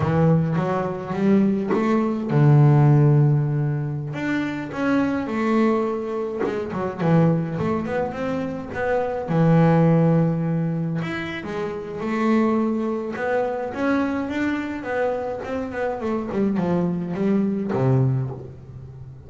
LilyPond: \new Staff \with { instrumentName = "double bass" } { \time 4/4 \tempo 4 = 105 e4 fis4 g4 a4 | d2.~ d16 d'8.~ | d'16 cis'4 a2 gis8 fis16~ | fis16 e4 a8 b8 c'4 b8.~ |
b16 e2. e'8. | gis4 a2 b4 | cis'4 d'4 b4 c'8 b8 | a8 g8 f4 g4 c4 | }